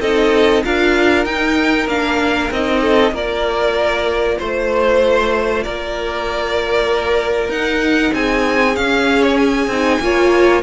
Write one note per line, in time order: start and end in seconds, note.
0.00 0.62 C4
0.00 0.64 D#4
0.00 0.64 A4
0.00 0.63 D#5
0.64 1.25 D4
0.64 1.27 F4
0.64 2.81 A#4
0.64 1.25 F5
1.25 1.87 D#4
1.25 1.89 D#4
1.25 1.87 G5
1.87 2.50 A#3
1.87 2.51 D4
1.87 2.51 F5
2.51 3.11 C4
2.51 3.13 D#4
2.51 3.15 D#5
2.81 3.12 A4
3.11 4.36 A#3
3.11 7.50 F4
3.11 4.38 A#4
3.11 4.38 D5
4.38 5.65 A3
4.38 5.63 C5
4.38 5.64 C5
5.63 7.49 A#3
5.63 8.14 A#4
5.63 7.50 D5
7.49 8.11 D#4
7.49 8.75 D#4
7.49 8.13 F#5
8.14 8.76 C4
8.14 10.03 G#4
8.14 8.75 G#5
8.75 9.70 C#4
8.75 9.67 C#4
8.75 9.22 F5
9.23 9.37 C#5
9.37 10.62 G#5
9.67 9.98 C4
9.67 10.02 D#4
10.00 10.62 A#3
10.00 10.62 F4
10.00 10.62 C#5